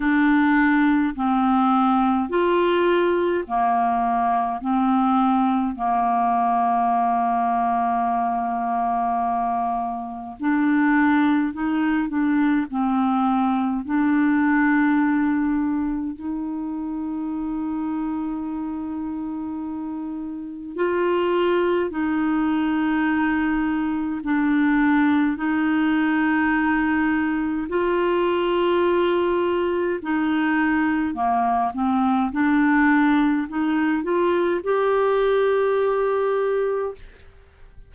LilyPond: \new Staff \with { instrumentName = "clarinet" } { \time 4/4 \tempo 4 = 52 d'4 c'4 f'4 ais4 | c'4 ais2.~ | ais4 d'4 dis'8 d'8 c'4 | d'2 dis'2~ |
dis'2 f'4 dis'4~ | dis'4 d'4 dis'2 | f'2 dis'4 ais8 c'8 | d'4 dis'8 f'8 g'2 | }